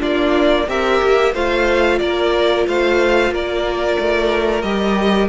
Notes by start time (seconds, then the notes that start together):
0.00 A#3 D4 F4 D5
0.68 C4 G4 A#4 E5
1.03 A#3
1.33 A3 F4 C5 F5
1.99 A#3 A#4 D5
2.68 A3 C5 F5
3.31 A#3 A#4 D5
4.00 A3
4.62 G3 G4 D#5